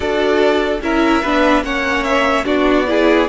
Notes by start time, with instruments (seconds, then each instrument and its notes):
0.00 cello D4, viola F#4, violin A4 D5
0.81 cello C#4, viola E4, violin A#4 E5
1.22 cello B3, viola D4, violin B4
1.62 cello A#3, viola C#4, violin C#5 F#5
2.03 violin E5
2.44 cello B3, viola D4, violin F#4 D5
2.87 viola E4, violin G#4